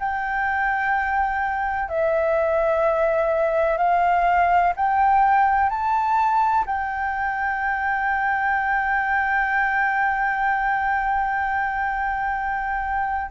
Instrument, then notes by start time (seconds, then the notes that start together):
flute
0.00 G5
1.89 E5
3.78 F5
4.77 G5
5.70 A5
6.67 G5